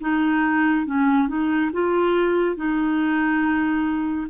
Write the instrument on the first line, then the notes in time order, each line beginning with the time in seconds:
clarinet
0.00 D#4
0.86 C#4
1.28 D#4
1.73 F4
2.56 D#4